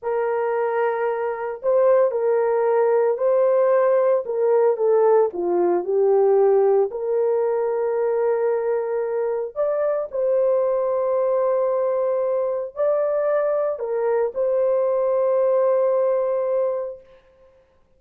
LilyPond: \new Staff \with { instrumentName = "horn" } { \time 4/4 \tempo 4 = 113 ais'2. c''4 | ais'2 c''2 | ais'4 a'4 f'4 g'4~ | g'4 ais'2.~ |
ais'2 d''4 c''4~ | c''1 | d''2 ais'4 c''4~ | c''1 | }